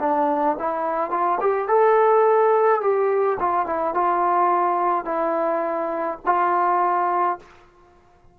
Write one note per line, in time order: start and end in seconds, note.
0.00 0.57 D4
0.59 1.11 E4
1.11 1.39 F4
1.40 1.68 G4
1.68 2.81 A4
2.81 3.38 G4
3.40 3.66 F4
3.66 3.94 E4
3.94 5.05 F4
5.05 6.19 E4
6.26 7.39 F4